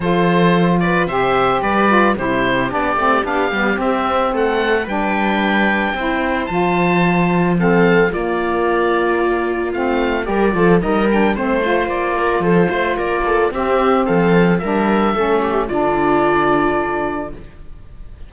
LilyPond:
<<
  \new Staff \with { instrumentName = "oboe" } { \time 4/4 \tempo 4 = 111 c''4. d''8 e''4 d''4 | c''4 d''4 f''4 e''4 | fis''4 g''2. | a''2 f''4 d''4~ |
d''2 f''4 d''4 | dis''8 g''8 c''4 d''4 c''4 | d''4 e''4 f''4 e''4~ | e''4 d''2. | }
  \new Staff \with { instrumentName = "viola" } { \time 4/4 a'4. b'8 c''4 b'4 | g'1 | a'4 b'2 c''4~ | c''2 a'4 f'4~ |
f'2. ais'8 a'8 | ais'4 c''4. ais'8 a'8 c''8 | ais'8 a'8 g'4 a'4 ais'4 | a'8 g'8 f'2. | }
  \new Staff \with { instrumentName = "saxophone" } { \time 4/4 f'2 g'4. f'8 | e'4 d'8 c'8 d'8 b8 c'4~ | c'4 d'2 e'4 | f'2 c'4 ais4~ |
ais2 c'4 g'8 f'8 | dis'8 d'8 c'8 f'2~ f'8~ | f'4 c'2 d'4 | cis'4 d'2. | }
  \new Staff \with { instrumentName = "cello" } { \time 4/4 f2 c4 g4 | c4 b8 a8 b8 g8 c'4 | a4 g2 c'4 | f2. ais4~ |
ais2 a4 g8 f8 | g4 a4 ais4 f8 a8 | ais4 c'4 f4 g4 | a4 d2. | }
>>